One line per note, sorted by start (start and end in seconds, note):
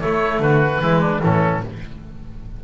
0.00 0.81 A3
0.00 0.39 A3
0.00 0.42 E4
0.00 0.40 C#5
0.39 0.79 D3
0.39 0.82 F#4
0.39 1.22 B4
0.81 1.21 E3
0.81 1.20 G#3
0.81 1.00 E4
1.00 1.20 D4
1.20 1.64 A2
1.20 1.60 E3
1.20 1.63 C#4
1.20 1.63 A4